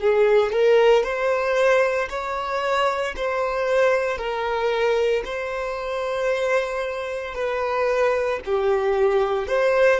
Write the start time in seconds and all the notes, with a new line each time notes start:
0.00 G#4
0.52 A#4
1.03 C5
2.09 C#5
3.16 C5
4.18 A#4
5.25 C5
7.34 B4
8.45 G4
9.47 C5